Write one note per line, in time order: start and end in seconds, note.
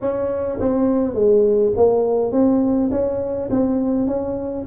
0.01 0.59 C#4
0.60 1.14 C4
1.14 1.72 G#3
1.76 2.31 A#3
2.31 2.90 C4
2.91 3.49 C#4
3.50 4.07 C4
4.07 4.65 C#4